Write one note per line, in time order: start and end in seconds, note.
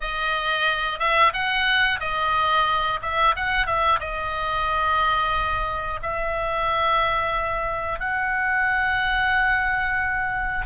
0.01 0.99 D#5
0.99 1.32 E5
1.33 1.99 F#5
2.00 3.00 D#5
3.02 3.35 E5
3.36 3.66 F#5
3.66 3.99 E5
3.99 5.99 D#5
6.02 7.99 E5
7.99 10.65 F#5